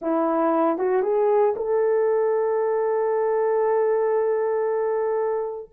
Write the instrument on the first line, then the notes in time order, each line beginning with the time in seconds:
horn
0.01 E4
0.78 F#4
1.02 G#4
1.56 A4